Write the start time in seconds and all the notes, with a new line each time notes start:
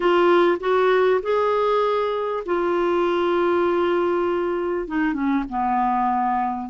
0.00 F4
0.60 F#4
1.22 G#4
2.45 F4
4.87 D#4
5.13 C#4
5.48 B3